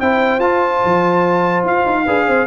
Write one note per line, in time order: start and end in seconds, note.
0.00 0.39 C4
0.00 0.41 E4
0.00 2.04 C5
0.00 0.40 G5
0.39 0.80 F4
0.39 2.06 F4
0.39 1.64 A5
0.85 1.64 F3
1.64 1.84 F4
1.64 2.47 F5
1.86 2.06 D#4
2.04 2.28 D4
2.04 2.47 G#4
2.04 2.25 B4
2.27 2.47 C4
2.27 2.47 C5